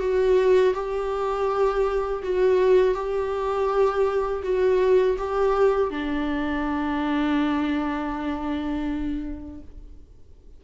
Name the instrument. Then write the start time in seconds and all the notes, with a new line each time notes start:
viola
0.00 F#4
0.74 G4
2.23 F#4
2.95 G4
4.43 F#4
5.18 G4
5.91 D4